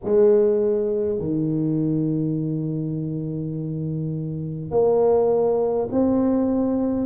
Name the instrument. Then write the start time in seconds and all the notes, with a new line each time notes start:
tuba
0.04 G#3
1.18 D#3
4.71 A#3
5.91 C4